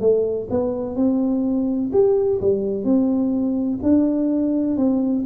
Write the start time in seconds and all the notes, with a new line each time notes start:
0.00 A3
0.50 B3
0.96 C4
1.93 G4
2.41 G3
2.84 C4
3.83 D4
4.77 C4